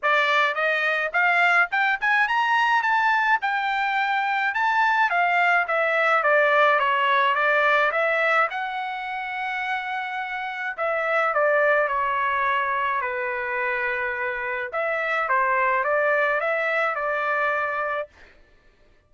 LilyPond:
\new Staff \with { instrumentName = "trumpet" } { \time 4/4 \tempo 4 = 106 d''4 dis''4 f''4 g''8 gis''8 | ais''4 a''4 g''2 | a''4 f''4 e''4 d''4 | cis''4 d''4 e''4 fis''4~ |
fis''2. e''4 | d''4 cis''2 b'4~ | b'2 e''4 c''4 | d''4 e''4 d''2 | }